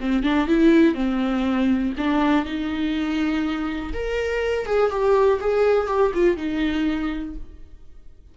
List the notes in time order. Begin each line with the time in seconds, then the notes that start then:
0.00 C4
0.23 D4
0.47 E4
0.94 C4
1.97 D4
2.45 D#4
3.93 A#4
4.66 G#4
4.90 G4
5.40 G#4
5.87 G4
6.14 F4
6.36 D#4